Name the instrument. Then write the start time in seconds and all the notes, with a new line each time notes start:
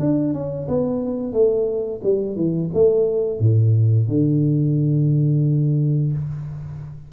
tuba
0.00 D4
0.34 C#4
0.68 B3
1.33 A3
2.04 G3
2.36 E3
2.74 A3
3.40 A2
4.08 D3